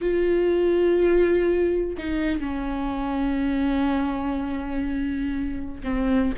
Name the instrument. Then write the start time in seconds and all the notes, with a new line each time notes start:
viola
0.01 F4
1.98 D#4
2.39 C#4
5.83 C4